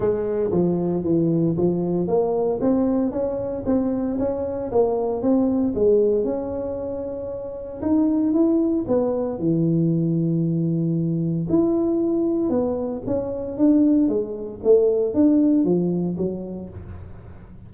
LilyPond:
\new Staff \with { instrumentName = "tuba" } { \time 4/4 \tempo 4 = 115 gis4 f4 e4 f4 | ais4 c'4 cis'4 c'4 | cis'4 ais4 c'4 gis4 | cis'2. dis'4 |
e'4 b4 e2~ | e2 e'2 | b4 cis'4 d'4 gis4 | a4 d'4 f4 fis4 | }